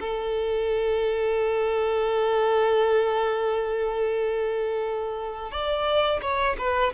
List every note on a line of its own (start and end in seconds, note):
0.00 5.51 A4
5.51 6.20 D5
6.21 6.56 C#5
6.58 6.92 B4